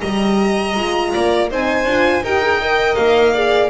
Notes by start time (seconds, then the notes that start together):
0.00 G3 G4 D#5 A#5
0.75 G#3 F4
1.12 A#3 D5
1.49 C4 D#4 C5 G#5
1.84 D4 F4
2.22 D#4 G4 A#4 G5
2.42 G#4
2.61 A#4 D#5
2.95 A#3 F5
3.33 G#4 D5